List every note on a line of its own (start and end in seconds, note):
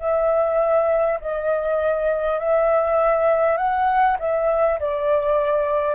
0.00 1.20 E5
1.21 2.39 D#5
2.39 3.58 E5
3.58 4.18 F#5
4.20 4.80 E5
4.80 5.96 D5